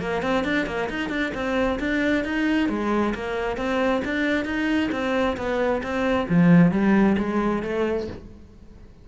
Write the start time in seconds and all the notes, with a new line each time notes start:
0.00 A#3
0.22 C4
0.45 D4
0.66 A#3
0.89 D#4
1.10 D4
1.35 C4
1.80 D4
2.24 D#4
2.69 G#3
3.15 A#3
3.57 C4
4.05 D4
4.45 D#4
4.92 C4
5.37 B3
5.83 C4
6.29 F3
6.72 G3
7.18 G#3
7.63 A3